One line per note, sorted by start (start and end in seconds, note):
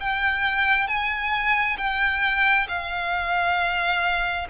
0.00 0.88 G5
0.88 1.77 G#5
1.77 2.67 G5
2.68 4.47 F5